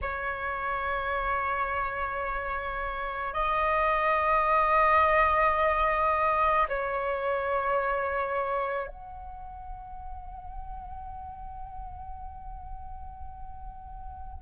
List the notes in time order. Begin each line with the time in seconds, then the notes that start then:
0.02 C#5
3.33 D#5
6.68 C#5
8.87 F#5